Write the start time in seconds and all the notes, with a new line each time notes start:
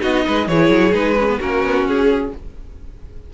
0.00 B3 D#4 F#4 D#5
0.25 G#3 B4
0.48 E3 E4 G#4 C#5
0.69 F#3
0.93 G#3 D#4 B4
1.19 C#4
1.29 B3
1.39 A#3 C#4 F#4 A#4
1.64 B3
1.83 C#4 G#4